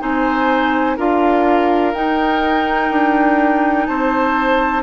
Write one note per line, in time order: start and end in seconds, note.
0.00 0.98 C4
0.00 0.97 D#4
0.00 0.97 C5
0.00 0.97 G#5
0.97 1.94 D4
0.97 1.94 F4
0.97 3.87 A#4
0.97 1.94 F5
1.94 2.91 D#4
1.94 4.83 D#4
1.94 3.86 G5
2.91 3.87 D4
3.86 4.83 C4
3.86 4.83 C5
3.86 4.83 A5